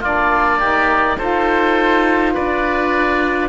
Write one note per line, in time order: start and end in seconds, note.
0.00 1.16 A#3
0.00 0.61 D4
0.00 0.58 F4
0.00 1.18 D5
0.58 1.18 D#4
0.58 1.16 G4
1.18 2.35 D#4
1.18 3.49 F4
1.18 2.33 A4
1.18 2.33 C5
2.33 3.49 D4
2.33 3.49 B4
2.33 3.49 D5